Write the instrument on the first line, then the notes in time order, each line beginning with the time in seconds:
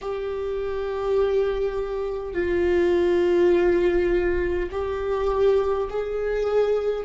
viola
0.01 G4
2.33 F4
4.71 G4
5.89 G#4